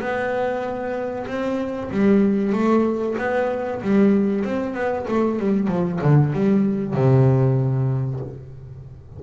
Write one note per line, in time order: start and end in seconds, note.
0.00 1.26 B3
1.27 1.90 C4
1.91 2.53 G3
2.53 3.16 A3
3.18 3.81 B3
3.82 4.45 G3
4.45 4.74 C4
4.74 5.06 B3
5.08 5.39 A3
5.39 5.68 G3
5.68 5.99 F3
6.01 6.33 D3
6.33 6.94 G3
6.94 8.20 C3